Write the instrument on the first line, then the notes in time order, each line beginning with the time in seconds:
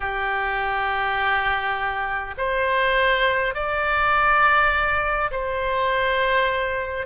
oboe
0.00 G4
2.37 C5
3.54 D5
5.30 C5